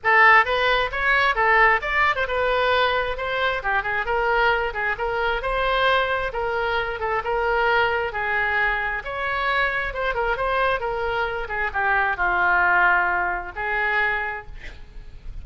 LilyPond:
\new Staff \with { instrumentName = "oboe" } { \time 4/4 \tempo 4 = 133 a'4 b'4 cis''4 a'4 | d''8. c''16 b'2 c''4 | g'8 gis'8 ais'4. gis'8 ais'4 | c''2 ais'4. a'8 |
ais'2 gis'2 | cis''2 c''8 ais'8 c''4 | ais'4. gis'8 g'4 f'4~ | f'2 gis'2 | }